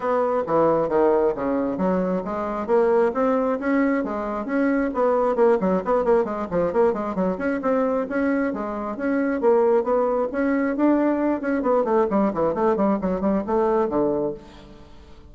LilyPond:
\new Staff \with { instrumentName = "bassoon" } { \time 4/4 \tempo 4 = 134 b4 e4 dis4 cis4 | fis4 gis4 ais4 c'4 | cis'4 gis4 cis'4 b4 | ais8 fis8 b8 ais8 gis8 f8 ais8 gis8 |
fis8 cis'8 c'4 cis'4 gis4 | cis'4 ais4 b4 cis'4 | d'4. cis'8 b8 a8 g8 e8 | a8 g8 fis8 g8 a4 d4 | }